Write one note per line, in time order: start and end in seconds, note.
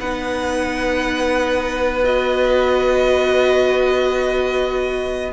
0.00 5.33 B3
0.00 2.03 D#4
0.00 5.33 B4
0.00 2.05 F#5
2.03 5.32 F#4
2.03 5.33 D#5